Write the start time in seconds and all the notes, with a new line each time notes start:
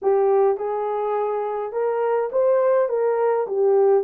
0.02 G4
0.57 G#4
1.72 A#4
2.32 C5
2.88 A#4
3.47 G4